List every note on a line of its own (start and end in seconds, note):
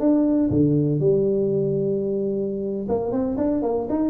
0.00 0.50 D4
0.50 1.00 D3
1.00 2.88 G3
2.89 3.12 A#3
3.12 3.37 C4
3.37 3.62 D4
3.62 3.88 A#3
3.90 4.10 D#4